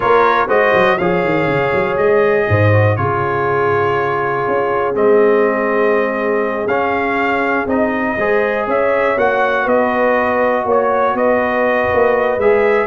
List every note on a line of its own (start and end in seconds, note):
0.00 0.49 A#3
0.00 0.48 F4
0.00 0.47 A#4
0.00 0.48 C#5
0.47 0.73 G#3
0.47 0.97 F#4
0.47 0.97 C5
0.47 0.97 D#5
0.73 0.98 F#3
0.97 1.24 F3
0.97 2.72 G#4
0.97 2.46 C#5
0.97 1.97 F5
1.24 1.46 D#3
1.46 1.71 C#3
1.73 1.97 F#3
1.97 2.47 G#3
1.97 2.96 D#5
2.48 2.98 G#2
2.48 2.98 C5
2.72 2.97 F#4
2.96 4.46 C#3
2.96 4.94 F4
2.96 8.18 G#4
2.96 4.94 C#5
4.47 4.95 C#4
4.94 6.66 G#3
4.94 6.68 C4
4.94 6.67 D#5
6.66 7.65 C#4
6.66 7.67 C#4
6.66 7.66 F5
7.66 8.15 C4
7.66 8.17 D#4
7.66 8.68 D#5
8.17 8.67 G#3
8.17 9.17 G#4
8.17 8.67 C5
8.67 9.16 C#4
8.67 9.64 C#5
8.67 9.18 E5
9.17 9.66 A#3
9.17 12.39 F#4
9.17 9.68 F#5
9.64 10.65 B3
9.64 10.63 B4
9.64 10.67 D#5
10.65 11.14 A#3
10.65 11.14 C#5
10.65 11.16 C#5
11.14 11.89 B3
11.14 12.87 B4
11.14 12.40 D#5
11.93 12.37 A#3
12.37 12.87 G#3
12.37 12.87 G#4
12.37 12.87 E5